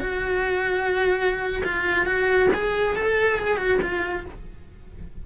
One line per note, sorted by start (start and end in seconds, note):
0.00 1.63 F#4
1.65 2.06 F4
2.06 2.50 F#4
2.54 2.96 G#4
2.96 3.39 A4
3.39 3.58 G#4
3.58 3.79 F#4
3.82 4.26 F4